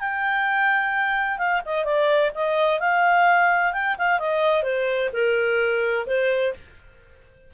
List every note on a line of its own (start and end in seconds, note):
0.00 1.38 G5
1.38 1.61 F5
1.65 1.85 D#5
1.85 2.31 D5
2.35 2.80 D#5
2.80 3.73 F5
3.73 3.96 G5
3.98 4.19 F5
4.19 4.63 D#5
4.63 5.09 C5
5.13 6.06 A#4
6.07 6.53 C5